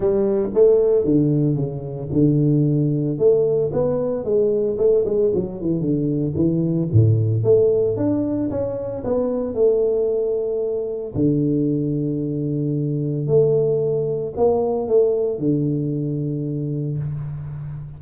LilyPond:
\new Staff \with { instrumentName = "tuba" } { \time 4/4 \tempo 4 = 113 g4 a4 d4 cis4 | d2 a4 b4 | gis4 a8 gis8 fis8 e8 d4 | e4 a,4 a4 d'4 |
cis'4 b4 a2~ | a4 d2.~ | d4 a2 ais4 | a4 d2. | }